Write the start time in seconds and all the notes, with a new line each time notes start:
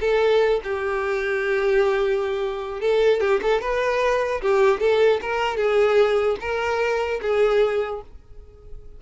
0.00 A4
0.63 G4
2.80 A4
3.20 G4
3.41 A4
3.61 B4
4.41 G4
4.80 A4
5.21 A#4
5.56 G#4
6.40 A#4
7.21 G#4